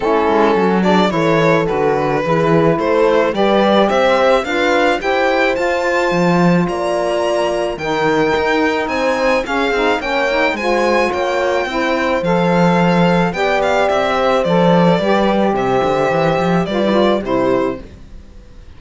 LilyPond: <<
  \new Staff \with { instrumentName = "violin" } { \time 4/4 \tempo 4 = 108 a'4. d''8 cis''4 b'4~ | b'4 c''4 d''4 e''4 | f''4 g''4 a''2 | ais''2 g''2 |
gis''4 f''4 g''4 gis''4 | g''2 f''2 | g''8 f''8 e''4 d''2 | e''2 d''4 c''4 | }
  \new Staff \with { instrumentName = "horn" } { \time 4/4 e'4 fis'8 gis'8 a'2 | gis'4 a'4 b'4 c''4 | b'4 c''2. | d''2 ais'2 |
c''4 gis'4 cis''4 c''4 | cis''4 c''2. | d''4. c''4. b'4 | c''2 b'4 g'4 | }
  \new Staff \with { instrumentName = "saxophone" } { \time 4/4 cis'4. d'8 e'4 fis'4 | e'2 g'2 | f'4 g'4 f'2~ | f'2 dis'2~ |
dis'4 cis'8 dis'8 cis'8 dis'8 f'4~ | f'4 e'4 a'2 | g'2 a'4 g'4~ | g'2 f'16 e'16 f'8 e'4 | }
  \new Staff \with { instrumentName = "cello" } { \time 4/4 a8 gis8 fis4 e4 d4 | e4 a4 g4 c'4 | d'4 e'4 f'4 f4 | ais2 dis4 dis'4 |
c'4 cis'8 c'8 ais4 gis4 | ais4 c'4 f2 | b4 c'4 f4 g4 | c8 d8 e8 f8 g4 c4 | }
>>